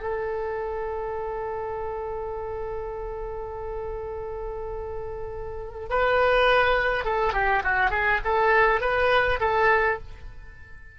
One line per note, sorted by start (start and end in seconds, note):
0.00 5.88 A4
5.89 7.05 B4
7.05 7.33 A4
7.33 7.62 G4
7.63 7.90 F#4
7.90 8.20 G#4
8.24 8.80 A4
8.80 9.39 B4
9.40 9.99 A4